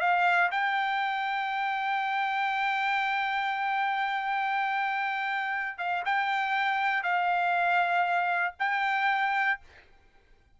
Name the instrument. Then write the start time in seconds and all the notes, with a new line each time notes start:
trumpet
0.00 F5
0.51 G5
5.78 F5
6.05 G5
7.03 F5
8.59 G5